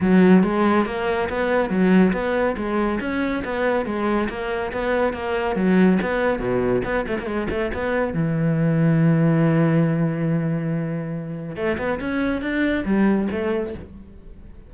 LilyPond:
\new Staff \with { instrumentName = "cello" } { \time 4/4 \tempo 4 = 140 fis4 gis4 ais4 b4 | fis4 b4 gis4 cis'4 | b4 gis4 ais4 b4 | ais4 fis4 b4 b,4 |
b8 a16 ais16 gis8 a8 b4 e4~ | e1~ | e2. a8 b8 | cis'4 d'4 g4 a4 | }